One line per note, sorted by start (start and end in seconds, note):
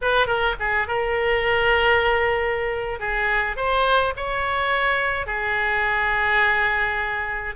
0.01 0.26 B4
0.26 0.55 A#4
0.59 0.87 G#4
0.87 2.99 A#4
2.99 3.56 G#4
3.56 4.13 C5
4.16 5.26 C#5
5.26 7.55 G#4